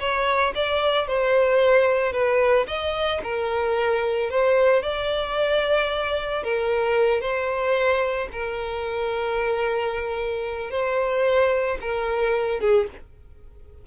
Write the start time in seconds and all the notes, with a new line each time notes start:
0.00 C#5
0.55 D5
1.07 C5
2.13 B4
2.67 D#5
3.24 A#4
4.30 C5
4.83 D5
6.43 A#4
7.21 C5
8.32 A#4
10.71 C5
11.81 A#4
12.60 G#4